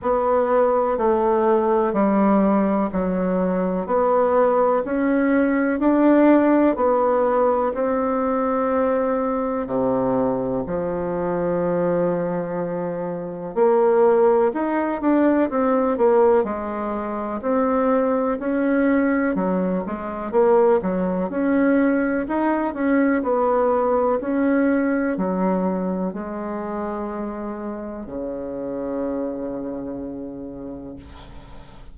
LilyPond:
\new Staff \with { instrumentName = "bassoon" } { \time 4/4 \tempo 4 = 62 b4 a4 g4 fis4 | b4 cis'4 d'4 b4 | c'2 c4 f4~ | f2 ais4 dis'8 d'8 |
c'8 ais8 gis4 c'4 cis'4 | fis8 gis8 ais8 fis8 cis'4 dis'8 cis'8 | b4 cis'4 fis4 gis4~ | gis4 cis2. | }